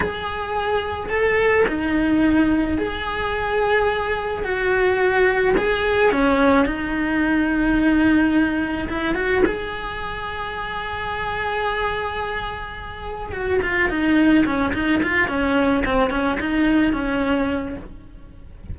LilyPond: \new Staff \with { instrumentName = "cello" } { \time 4/4 \tempo 4 = 108 gis'2 a'4 dis'4~ | dis'4 gis'2. | fis'2 gis'4 cis'4 | dis'1 |
e'8 fis'8 gis'2.~ | gis'1 | fis'8 f'8 dis'4 cis'8 dis'8 f'8 cis'8~ | cis'8 c'8 cis'8 dis'4 cis'4. | }